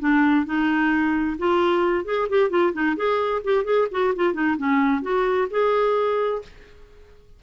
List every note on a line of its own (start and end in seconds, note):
0.00 0.46 D4
0.46 1.37 D#4
1.39 2.05 F4
2.05 2.28 G#4
2.29 2.50 G4
2.50 2.73 F4
2.73 2.96 D#4
2.96 3.42 G#4
3.44 3.65 G4
3.65 3.88 G#4
3.91 4.14 F#4
4.16 4.34 F4
4.34 4.57 D#4
4.57 5.02 C#4
5.02 5.48 F#4
5.50 6.42 G#4